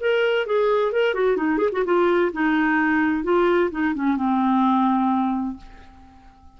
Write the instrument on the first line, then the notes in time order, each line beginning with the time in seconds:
clarinet
0.00 A#4
0.46 G#4
0.92 A#4
1.14 F#4
1.36 D#4
1.57 G#4
1.72 F#4
1.85 F4
2.32 D#4
3.23 F4
3.71 D#4
3.94 C#4
4.16 C4